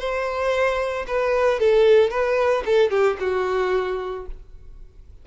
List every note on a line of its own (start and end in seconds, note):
0.00 1.06 C5
1.08 1.60 B4
1.60 2.11 A4
2.11 2.64 B4
2.66 2.91 A4
2.91 3.17 G4
3.20 4.26 F#4